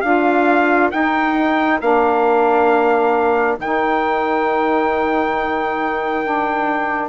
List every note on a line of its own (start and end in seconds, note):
0.00 0.92 D4
0.00 0.92 F4
0.00 7.06 A#4
0.00 0.89 F5
0.91 1.80 D#4
0.91 1.81 D#4
0.91 1.79 G5
1.81 3.58 A#3
1.81 3.58 D4
1.81 3.58 F5
3.58 7.09 D#3
3.58 6.24 D#4
3.58 7.09 G5
6.24 7.09 D4